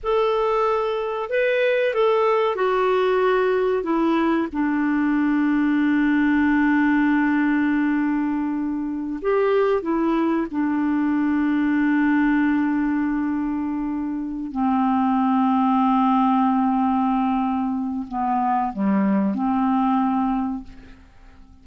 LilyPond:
\new Staff \with { instrumentName = "clarinet" } { \time 4/4 \tempo 4 = 93 a'2 b'4 a'4 | fis'2 e'4 d'4~ | d'1~ | d'2~ d'16 g'4 e'8.~ |
e'16 d'2.~ d'8.~ | d'2~ d'8 c'4.~ | c'1 | b4 g4 c'2 | }